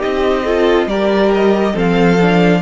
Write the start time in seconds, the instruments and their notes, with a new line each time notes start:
0.00 cello C4, viola D#4, violin G4 D#5
0.44 viola F4, violin A4
0.87 cello G3, viola G4, violin A#4 D5
1.35 violin D#5
1.74 cello F3, viola C4, violin A4 F5
2.21 viola D4